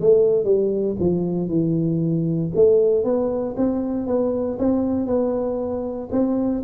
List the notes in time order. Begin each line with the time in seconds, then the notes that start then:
0.00 A3
0.44 G3
1.00 F3
1.48 E3
2.55 A3
3.04 B3
3.57 C4
4.07 B3
4.59 C4
5.06 B3
6.11 C4